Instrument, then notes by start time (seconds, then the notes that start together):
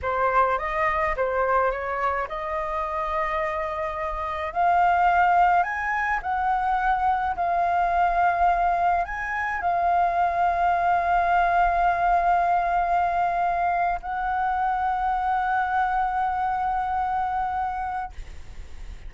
flute
0.02 C5
0.58 D#5
1.16 C5
1.71 C#5
2.28 D#5
4.53 F5
5.63 G#5
6.22 F#5
7.36 F5
9.04 G#5
9.61 F5
14.02 F#5